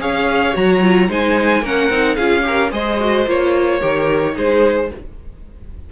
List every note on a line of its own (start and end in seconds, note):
0.00 0.55 C#4
0.00 0.53 G#4
0.00 1.09 C#5
0.00 0.56 F5
0.53 1.09 F#3
0.53 0.80 F#4
0.53 1.11 A#5
0.82 1.09 F4
1.09 1.62 G#3
1.09 1.63 D#4
1.09 1.62 C5
1.09 1.66 G#5
1.62 1.89 A#3
1.62 1.91 C#4
1.62 2.16 A#4
1.62 2.16 F#5
1.89 2.17 C4
1.89 2.18 D#4
2.16 2.72 C#4
2.16 2.42 F4
2.16 2.43 G#4
2.16 2.70 F5
2.42 2.70 G4
2.42 2.72 A#4
2.71 3.26 G#3
2.71 2.98 G#4
2.71 3.80 C5
2.71 3.28 D#5
3.00 3.27 F#4
3.26 3.81 A#3
3.26 3.81 F4
3.26 4.38 C#5
3.80 4.37 D#3
3.80 4.34 G4
3.80 4.35 A#4
4.34 4.91 G#3
4.34 4.88 D#4
4.34 4.90 G#4
4.34 4.92 C5